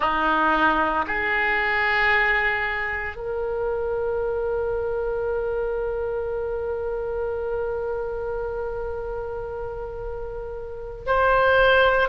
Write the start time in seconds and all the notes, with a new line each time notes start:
0.00 D#4
1.07 G#4
3.16 A#4
11.06 C5